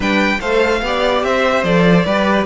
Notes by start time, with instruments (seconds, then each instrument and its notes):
0.00 cello G3, viola D4, violin B4 G5
0.40 cello A3, viola A4, violin C5 F5
0.82 cello B3, viola G4, violin D5
1.23 cello C4, violin C5 E5
1.63 cello F3, viola A4, violin D5
2.05 cello G3, viola G4, violin B4